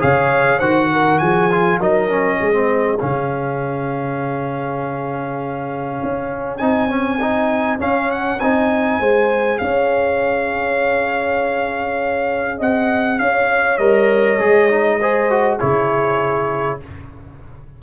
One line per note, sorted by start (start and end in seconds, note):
0.00 0.60 C#3
0.00 0.60 G#4
0.00 0.58 C#5
0.00 0.60 F5
0.58 1.20 D#3
0.58 1.51 F#4
0.58 0.88 C5
0.58 1.19 F#5
0.92 1.22 A#4
1.19 1.79 F3
1.19 1.80 G#4
1.19 1.79 G#5
1.51 1.80 F4
1.79 2.39 F#3
1.79 2.10 D#4
1.79 2.40 A#4
1.79 2.99 D#5
2.10 2.53 C#4
2.40 3.01 G#3
2.40 9.00 G#4
2.53 2.98 C4
2.99 6.02 C#3
2.99 6.60 C#4
2.99 6.58 F5
6.03 6.60 C#4
6.58 7.80 C4
6.58 6.89 D#4
6.58 7.78 G#5
6.89 7.19 C#4
7.20 7.79 D#4
7.79 8.39 C#4
7.79 8.41 C#4
7.79 8.11 F5
8.11 8.40 F#5
8.40 9.00 C4
8.40 9.03 D#4
8.40 9.59 G#5
9.00 9.60 G#3
9.00 13.79 G#4
9.00 9.60 C5
9.59 12.61 C#4
9.59 12.58 C#5
9.59 12.59 F5
12.58 13.20 C4
12.58 13.18 D#5
12.58 13.19 F#5
13.19 13.79 C#4
13.19 15.00 C#5
13.19 13.78 F5
13.78 14.39 G3
13.78 14.39 A#4
13.78 15.58 D#5
14.39 15.59 G#3
14.39 14.70 G#4
14.70 15.00 D#4
15.00 15.30 G#4
15.00 15.59 C5
15.30 15.60 F#4
15.59 16.83 C#3
15.59 16.80 E4
15.59 16.79 G#4
15.59 16.80 C#5